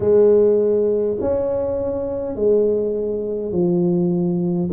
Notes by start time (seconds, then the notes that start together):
0.00 G#3
1.20 C#4
2.35 G#3
3.51 F3